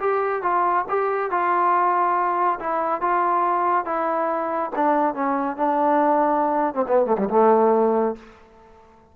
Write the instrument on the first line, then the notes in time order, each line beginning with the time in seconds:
trombone
0.00 G4
0.42 F4
0.89 G4
1.31 F4
2.59 E4
3.01 F4
3.85 E4
4.76 D4
5.14 C#4
5.56 D4
6.74 C4
6.87 B3
7.06 A3
7.18 G3
7.30 A3